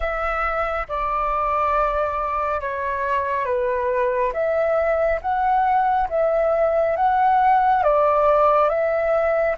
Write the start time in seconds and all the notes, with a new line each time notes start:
0.00 E5
0.88 D5
2.60 C#5
3.45 B4
4.33 E5
5.21 F#5
6.09 E5
6.96 F#5
7.83 D5
8.69 E5